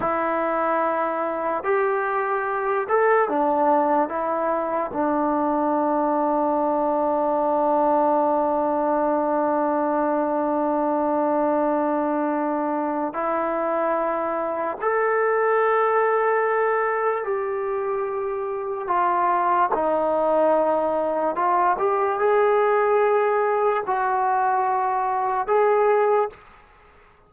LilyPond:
\new Staff \with { instrumentName = "trombone" } { \time 4/4 \tempo 4 = 73 e'2 g'4. a'8 | d'4 e'4 d'2~ | d'1~ | d'1 |
e'2 a'2~ | a'4 g'2 f'4 | dis'2 f'8 g'8 gis'4~ | gis'4 fis'2 gis'4 | }